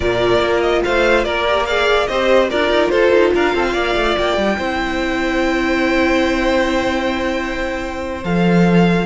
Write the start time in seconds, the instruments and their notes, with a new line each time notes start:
0.00 cello A#2, viola F4, violin A#4 D5
0.39 cello A#3
0.61 violin D#5
0.84 cello A3, violin C5 F5
1.24 cello A#3, violin A#4 D5
1.46 viola G4
1.65 viola G#4, violin D5 F5
2.06 cello C4, viola G4, violin C5 D#5
2.49 cello D4, viola F4, violin A#4 D5
2.70 cello D#4
2.89 cello F4, violin A4 C5
3.12 cello D#4
3.34 cello D4, violin A#4 F5
3.54 cello C4, violin A4
3.66 violin C5
3.73 cello A#3, violin D5
3.95 cello A3
4.18 cello A#3, violin G5
4.37 cello G3
4.57 cello C4, viola E4, violin C5
8.24 cello F3, viola A4, violin F5